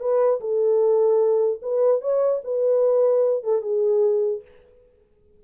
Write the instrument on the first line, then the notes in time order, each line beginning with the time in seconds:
horn
0.00 B4
0.41 A4
1.62 B4
2.01 C#5
2.44 B4
3.44 A4
3.61 G#4